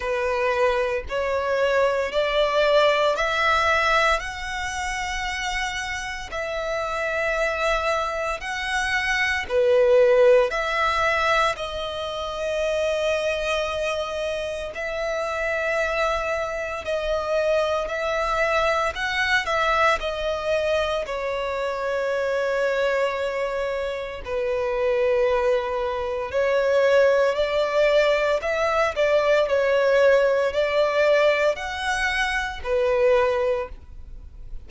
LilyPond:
\new Staff \with { instrumentName = "violin" } { \time 4/4 \tempo 4 = 57 b'4 cis''4 d''4 e''4 | fis''2 e''2 | fis''4 b'4 e''4 dis''4~ | dis''2 e''2 |
dis''4 e''4 fis''8 e''8 dis''4 | cis''2. b'4~ | b'4 cis''4 d''4 e''8 d''8 | cis''4 d''4 fis''4 b'4 | }